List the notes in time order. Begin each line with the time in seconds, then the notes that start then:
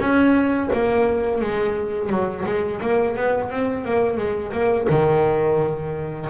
0.00 C#4
0.73 A#3
1.41 G#3
2.10 F#3
2.46 G#3
2.82 A#3
3.16 B3
3.50 C4
3.85 A#3
4.17 G#3
4.53 A#3
4.90 D#3